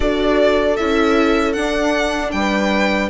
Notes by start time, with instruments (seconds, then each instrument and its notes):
0.00 bassoon D4, viola F#4 A4, violin D5
0.76 bassoon C#4, viola E4, violin E5
1.52 viola D4, bassoon D4, violin F#5
2.31 bassoon G3, viola B4, violin G5